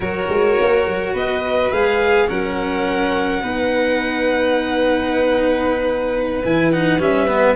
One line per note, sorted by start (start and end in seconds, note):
0.00 0.25 F#3
0.00 1.72 F#4
0.00 1.12 A#4
0.00 1.15 C#5
0.29 0.57 G#3
0.60 0.86 A#3
0.86 1.14 F#3
1.12 1.71 B3
1.12 2.27 B4
1.12 1.72 D#5
1.71 2.28 G#3
1.71 2.27 G#4
1.71 2.29 F5
2.27 3.42 F#3
2.27 3.41 C#4
2.27 3.42 A#4
2.27 6.43 F#5
3.42 6.42 B3
3.42 6.43 D#4
3.42 7.56 B4
6.43 6.98 E3
6.43 6.72 E4
6.43 6.72 G#5
6.72 6.99 D#4
6.72 7.00 F#5
6.98 7.55 G3
6.98 7.27 C#4
6.98 7.56 E5
7.27 7.56 B3